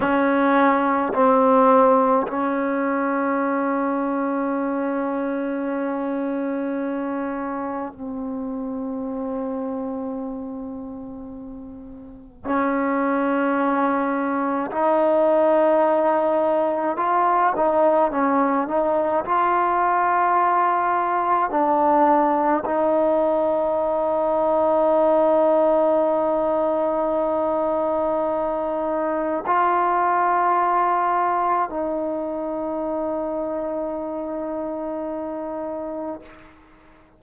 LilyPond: \new Staff \with { instrumentName = "trombone" } { \time 4/4 \tempo 4 = 53 cis'4 c'4 cis'2~ | cis'2. c'4~ | c'2. cis'4~ | cis'4 dis'2 f'8 dis'8 |
cis'8 dis'8 f'2 d'4 | dis'1~ | dis'2 f'2 | dis'1 | }